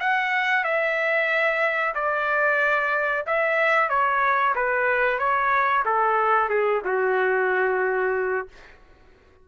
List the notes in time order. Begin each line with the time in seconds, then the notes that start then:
0.00 F#5
0.64 E5
1.95 D5
3.27 E5
3.89 C#5
4.56 B4
5.19 C#5
5.85 A4
6.50 G#4
6.85 F#4